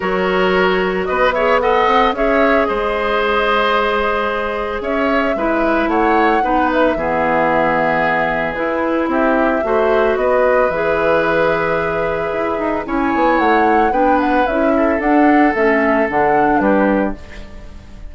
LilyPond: <<
  \new Staff \with { instrumentName = "flute" } { \time 4/4 \tempo 4 = 112 cis''2 dis''8 e''8 fis''4 | e''4 dis''2.~ | dis''4 e''2 fis''4~ | fis''8 e''2.~ e''8 |
b'4 e''2 dis''4 | e''1 | gis''4 fis''4 g''8 fis''8 e''4 | fis''4 e''4 fis''4 b'4 | }
  \new Staff \with { instrumentName = "oboe" } { \time 4/4 ais'2 b'8 cis''8 dis''4 | cis''4 c''2.~ | c''4 cis''4 b'4 cis''4 | b'4 gis'2.~ |
gis'4 g'4 c''4 b'4~ | b'1 | cis''2 b'4. a'8~ | a'2. g'4 | }
  \new Staff \with { instrumentName = "clarinet" } { \time 4/4 fis'2~ fis'8 gis'8 a'4 | gis'1~ | gis'2 e'2 | dis'4 b2. |
e'2 fis'2 | gis'1 | e'2 d'4 e'4 | d'4 cis'4 d'2 | }
  \new Staff \with { instrumentName = "bassoon" } { \time 4/4 fis2 b4. c'8 | cis'4 gis2.~ | gis4 cis'4 gis4 a4 | b4 e2. |
e'4 c'4 a4 b4 | e2. e'8 dis'8 | cis'8 b8 a4 b4 cis'4 | d'4 a4 d4 g4 | }
>>